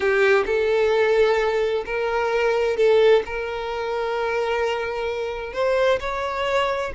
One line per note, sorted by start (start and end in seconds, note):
0.00 0.44 G4
0.46 1.84 A4
1.85 2.77 A#4
2.77 3.23 A4
3.25 5.53 A#4
5.53 5.99 C5
6.00 6.92 C#5